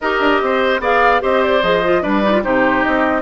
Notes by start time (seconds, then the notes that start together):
0.01 D#4 G4 A#4 D#5
0.20 D4
0.41 C4 C5
0.79 B3 G#4 D5 F5
1.20 C4 G4 C5 D#5
1.43 D5
1.62 F3 G#4 D#5
1.84 F4
2.02 G3 D4 B4 D5
2.23 D#4
2.32 F4
2.43 C3 D#4 G4 C5
2.82 C4 D#5